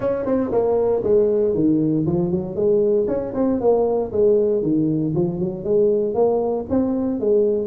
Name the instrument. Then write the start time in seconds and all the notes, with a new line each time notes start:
tuba
0.00 C#4
0.25 C4
0.51 A#3
1.03 G#3
1.54 D#3
2.06 F3
2.31 F#3
2.55 G#3
3.07 C#4
3.34 C4
3.60 A#3
4.12 G#3
4.62 D#3
5.14 F3
5.39 F#3
5.64 G#3
6.14 A#3
6.69 C4
7.20 G#3